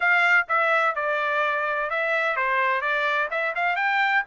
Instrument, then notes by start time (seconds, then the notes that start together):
trumpet
0.00 F5
0.48 E5
0.95 D5
1.89 E5
2.36 C5
2.81 D5
3.30 E5
3.55 F5
3.76 G5